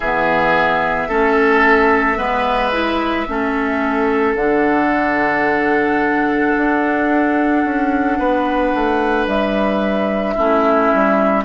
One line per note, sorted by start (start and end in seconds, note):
0.00 1.08 E3
0.00 1.09 B3
0.00 1.08 G#4
0.00 4.35 E5
1.08 2.17 A3
1.08 2.17 C#4
1.08 2.17 A4
2.17 3.27 G#3
2.17 2.71 B3
2.17 3.26 B4
2.72 3.26 E4
3.27 4.34 A3
3.27 4.36 C#4
3.27 8.18 A4
4.34 6.52 D3
4.34 10.37 D4
4.34 9.27 F#5
6.56 7.64 D4
7.64 8.18 C#4
8.18 8.73 B3
8.18 10.34 B4
8.74 9.26 A3
9.26 10.35 G3
9.26 11.45 E5
10.34 10.92 A3
10.34 11.45 C#4
10.34 11.43 E4
10.93 11.45 G3